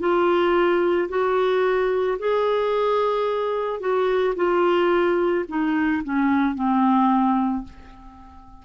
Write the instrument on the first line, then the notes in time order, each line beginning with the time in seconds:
clarinet
0.00 F4
1.09 F#4
2.19 G#4
3.80 F#4
4.36 F4
5.48 D#4
6.04 C#4
6.55 C4